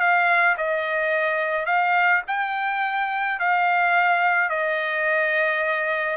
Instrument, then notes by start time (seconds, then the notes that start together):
trumpet
0.00 F5
0.58 D#5
1.66 F5
2.28 G5
3.40 F5
4.50 D#5